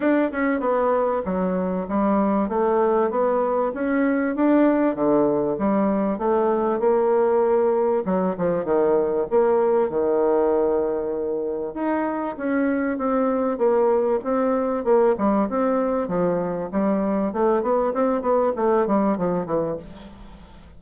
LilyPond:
\new Staff \with { instrumentName = "bassoon" } { \time 4/4 \tempo 4 = 97 d'8 cis'8 b4 fis4 g4 | a4 b4 cis'4 d'4 | d4 g4 a4 ais4~ | ais4 fis8 f8 dis4 ais4 |
dis2. dis'4 | cis'4 c'4 ais4 c'4 | ais8 g8 c'4 f4 g4 | a8 b8 c'8 b8 a8 g8 f8 e8 | }